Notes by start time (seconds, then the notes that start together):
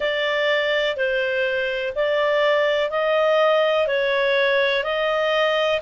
0.00 D5
0.96 C5
1.95 D5
2.90 D#5
3.87 C#5
4.83 D#5